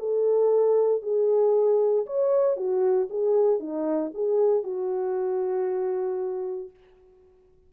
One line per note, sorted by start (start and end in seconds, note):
0.00 1.03 A4
1.03 2.06 G#4
2.06 2.57 C#5
2.57 3.09 F#4
3.10 3.60 G#4
3.60 4.12 D#4
4.14 4.64 G#4
4.64 6.71 F#4